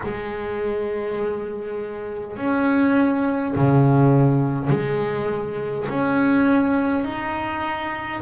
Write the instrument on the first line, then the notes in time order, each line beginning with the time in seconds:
double bass
0.03 G#3
2.36 C#4
3.55 C#3
4.70 G#3
5.88 C#4
7.04 D#4